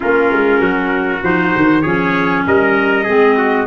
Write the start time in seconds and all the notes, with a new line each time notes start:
0.00 A#3 C#4 F4 A#4
0.32 G#3
0.60 F#3 F#4
1.21 F3 D#4 C5
1.56 D#3
1.81 F3 C#4 G#4 C#5
2.46 G3 A#4 D#5
3.03 G#3 C4 G#4
3.37 F#4